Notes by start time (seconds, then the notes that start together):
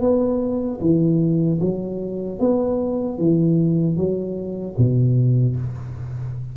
0.00 B3
0.80 E3
1.60 F#3
2.39 B3
3.18 E3
3.97 F#3
4.77 B2